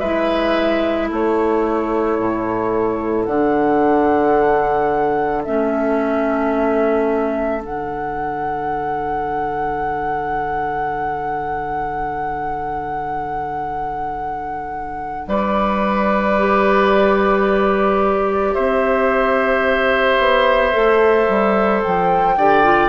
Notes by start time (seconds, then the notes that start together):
0.00 G#3 E4 B4 E5
1.09 A3 A4 C#5
2.18 A2
3.25 D3 D4 F#5
5.45 A3 C#4 E5
7.63 D3 D4 F#5
15.28 G3 B4 D5
16.38 G4
18.54 C4 C5 E5
20.19 B3
20.73 A3 A4
21.28 G3
21.83 F3 G5
22.37 D3 G4 D5
22.64 F4